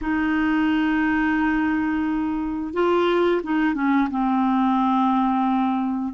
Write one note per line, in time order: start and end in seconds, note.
0.01 2.73 D#4
2.73 3.41 F4
3.43 3.74 D#4
3.74 4.08 C#4
4.10 6.14 C4